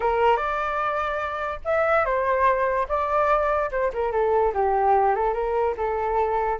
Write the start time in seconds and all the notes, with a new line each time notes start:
0.00 A#4
0.36 D5
1.64 E5
2.05 C5
2.88 D5
3.71 C5
3.93 A#4
4.12 A4
4.54 G4
5.15 A4
5.33 A#4
5.77 A4